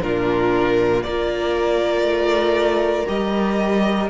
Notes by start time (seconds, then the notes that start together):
0.00 A#2 D4 F4 A#4
1.03 A#3 F4 A#4 D5
2.01 A3
3.06 G3 G4 D#5